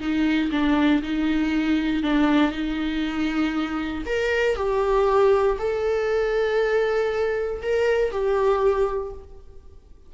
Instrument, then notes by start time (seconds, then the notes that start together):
viola
0.00 D#4
0.52 D4
1.03 D#4
2.03 D4
2.52 D#4
4.06 A#4
4.56 G4
5.59 A4
7.62 A#4
8.11 G4